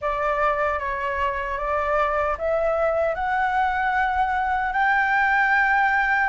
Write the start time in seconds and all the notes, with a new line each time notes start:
0.01 D5
0.79 C#5
1.58 D5
2.38 E5
3.14 F#5
4.72 G5